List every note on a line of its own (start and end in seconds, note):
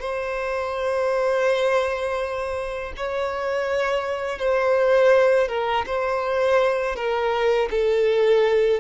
0.00 2.93 C5
2.96 4.39 C#5
4.39 5.48 C5
5.48 5.85 A#4
5.86 6.96 C5
6.96 7.69 A#4
7.70 8.80 A4